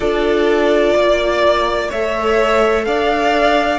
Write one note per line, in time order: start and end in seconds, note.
0.00 0.94 D4
0.00 1.90 F4
0.00 0.94 A4
0.00 1.90 D5
0.94 1.90 A#3
0.94 1.89 D5
1.89 2.86 A3
1.89 3.78 A4
1.89 2.84 C#5
1.89 2.85 E5
2.85 3.78 D4
2.85 3.78 D5
2.85 3.78 F5